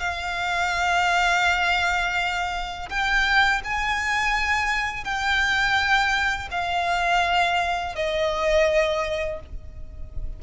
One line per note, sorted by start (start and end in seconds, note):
0.00 2.89 F5
2.90 3.62 G5
3.65 5.04 G#5
5.04 6.49 G5
6.52 7.96 F5
7.96 9.40 D#5